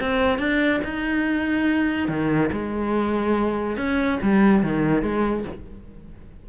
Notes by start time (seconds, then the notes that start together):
0.00 C4
0.38 D4
0.84 D#4
2.08 D#3
2.52 G#3
3.77 C#4
4.22 G3
4.63 D#3
5.02 G#3